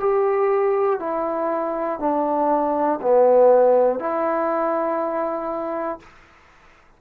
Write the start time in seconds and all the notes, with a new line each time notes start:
0.00 G4
1.00 E4
1.99 D4
3.01 B3
4.00 E4